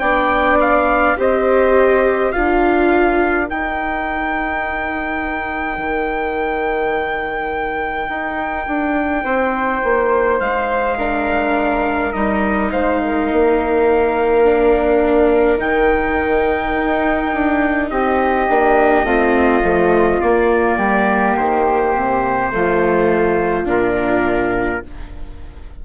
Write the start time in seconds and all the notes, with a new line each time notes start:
0.00 B3 D4 D5 G5
0.61 F5
1.18 C4 G4 C5 D#5
2.32 D4 F4 A#4 F5
3.46 D#4 G5
5.78 D#3
8.09 D#4
8.67 D4
9.24 C4 C5
9.84 A#3
10.41 G#3 F5
10.98 D4 A#4
12.13 G3 D#4 D#5
12.72 G#3 C5 F5
13.01 A#4
13.31 A#3
14.45 D4
15.58 D#3 D#4 G5
16.75 D#4
17.34 D4
17.91 C4 G4 D#5
18.50 A#3 D4
19.04 A3 C4 F4
19.63 F3 A3
20.21 A#3 D5
20.78 G3 G4
21.38 D#3 C5
21.95 C3
22.52 F3 A3 F4
23.66 A#2 D4 A#4